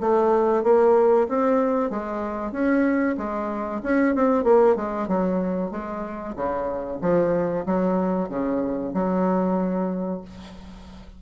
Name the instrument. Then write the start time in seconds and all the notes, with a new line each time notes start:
bassoon
0.00 A3
0.63 A#3
1.28 C4
1.90 G#3
2.52 C#4
3.17 G#3
3.83 C#4
4.15 C4
4.44 A#3
4.76 G#3
5.08 F#3
5.71 G#3
6.35 C#3
7.02 F3
7.66 F#3
8.29 C#3
8.94 F#3